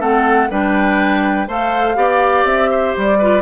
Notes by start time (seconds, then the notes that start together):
0.00 A3 C4 A4 F#5
0.50 G3 D4 B4 G5
1.48 A3 A4 C5 F5
1.95 B3 G4 D5
2.45 C4 E5
2.70 C5
2.97 G3 D5
3.18 F4 B4